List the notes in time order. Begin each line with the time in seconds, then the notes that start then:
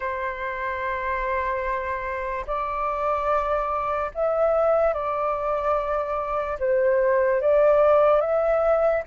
0.00 C5
2.47 D5
4.14 E5
4.93 D5
6.59 C5
7.41 D5
8.20 E5